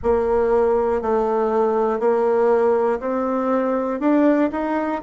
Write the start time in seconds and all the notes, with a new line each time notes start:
0.03 A#3
1.01 A3
1.99 A#3
3.00 C4
4.00 D4
4.51 D#4